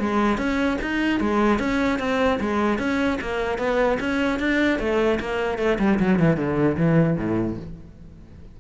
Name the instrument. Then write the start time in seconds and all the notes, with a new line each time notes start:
cello
0.00 G#3
0.38 C#4
0.81 D#4
1.20 G#3
1.59 C#4
1.99 C4
2.40 G#3
2.79 C#4
3.21 A#3
3.58 B3
4.00 C#4
4.39 D4
4.79 A3
5.20 A#3
5.58 A3
5.79 G3
5.99 F#3
6.19 E3
6.37 D3
6.77 E3
7.17 A2